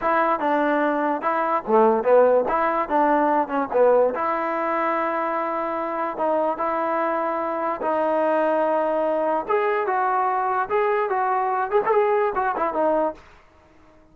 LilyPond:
\new Staff \with { instrumentName = "trombone" } { \time 4/4 \tempo 4 = 146 e'4 d'2 e'4 | a4 b4 e'4 d'4~ | d'8 cis'8 b4 e'2~ | e'2. dis'4 |
e'2. dis'4~ | dis'2. gis'4 | fis'2 gis'4 fis'4~ | fis'8 gis'16 a'16 gis'4 fis'8 e'8 dis'4 | }